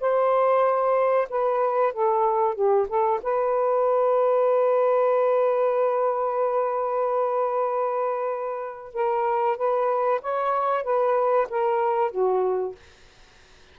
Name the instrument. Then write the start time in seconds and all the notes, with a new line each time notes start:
saxophone
0.00 C5
1.29 B4
1.92 A4
2.54 G4
2.88 A4
3.23 B4
8.93 A#4
9.57 B4
10.21 C#5
10.83 B4
11.49 A#4
12.11 F#4